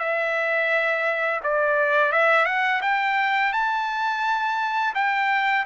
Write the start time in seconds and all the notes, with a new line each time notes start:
0.00 E5
1.44 D5
2.12 E5
2.46 F#5
2.82 G5
3.53 A5
4.95 G5